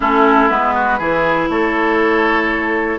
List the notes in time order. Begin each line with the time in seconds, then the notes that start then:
0.00 A3 C#4 E4 A4
0.48 G#3 B3 B4
0.74 F#4
0.99 E3 E4 G#4
1.49 A3 A4 C#5